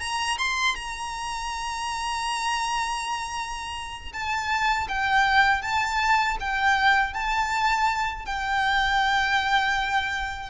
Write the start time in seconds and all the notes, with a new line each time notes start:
0.00 A#5
0.38 C6
0.75 A#5
4.13 A5
4.88 G5
5.62 A5
6.40 G5
7.14 A5
8.26 G5